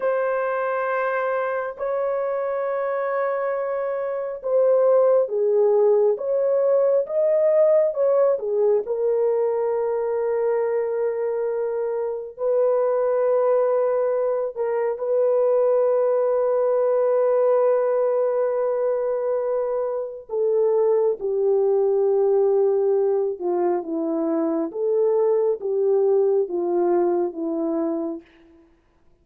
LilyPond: \new Staff \with { instrumentName = "horn" } { \time 4/4 \tempo 4 = 68 c''2 cis''2~ | cis''4 c''4 gis'4 cis''4 | dis''4 cis''8 gis'8 ais'2~ | ais'2 b'2~ |
b'8 ais'8 b'2.~ | b'2. a'4 | g'2~ g'8 f'8 e'4 | a'4 g'4 f'4 e'4 | }